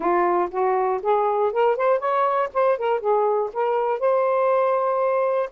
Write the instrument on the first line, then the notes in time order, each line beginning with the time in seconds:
saxophone
0.00 F4
0.50 F#4
1.02 G#4
1.52 A#4
1.76 C5
1.99 C#5
2.53 C5
2.77 A#4
3.00 G#4
3.52 A#4
3.99 C5